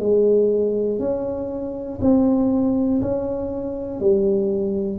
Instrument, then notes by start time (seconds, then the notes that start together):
tuba
0.00 G#3
0.99 C#4
2.01 C4
3.01 C#4
4.00 G3